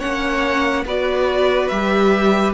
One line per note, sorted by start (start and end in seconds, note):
0.00 0.86 A#3
0.00 0.85 C#4
0.00 0.85 C#5
0.00 0.85 F#5
0.86 1.70 B3
0.86 1.72 F#4
0.86 2.54 B4
0.86 1.69 D5
1.69 2.54 G3
1.69 2.54 G4
1.69 2.53 E5